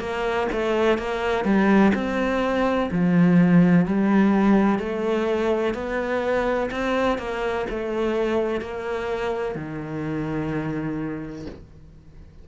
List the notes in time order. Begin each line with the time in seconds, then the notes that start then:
0.00 A#3
0.52 A3
0.98 A#3
1.45 G3
1.95 C4
2.91 F3
3.86 G3
4.79 A3
5.74 B3
6.71 C4
7.19 A#3
7.70 A3
8.61 A#3
9.55 D#3